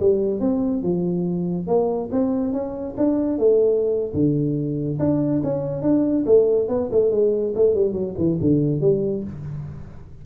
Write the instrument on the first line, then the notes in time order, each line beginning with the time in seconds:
tuba
0.00 G3
0.40 C4
0.83 F3
1.67 A#3
2.12 C4
2.53 C#4
2.97 D4
3.38 A3
4.14 D3
4.99 D4
5.44 C#4
5.82 D4
6.26 A3
6.68 B3
6.92 A3
7.11 G#3
7.55 A3
7.74 G3
7.93 F#3
8.18 E3
8.41 D3
8.81 G3